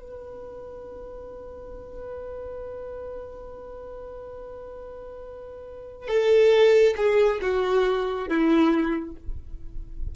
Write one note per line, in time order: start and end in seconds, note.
0.00 6.08 B4
6.08 6.95 A4
6.97 7.40 G#4
7.42 8.29 F#4
8.29 9.16 E4